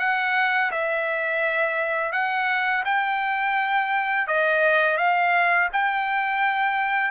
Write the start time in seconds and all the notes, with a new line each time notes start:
0.00 F#5
0.72 E5
2.13 F#5
2.85 G5
4.28 D#5
4.98 F5
5.73 G5